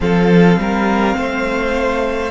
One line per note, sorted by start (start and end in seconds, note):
0.00 0.57 F3
0.00 2.30 C4
0.00 0.59 A4
0.00 2.30 F5
0.57 1.15 G3
0.57 1.16 A#4
1.16 2.30 A3
1.16 2.30 C5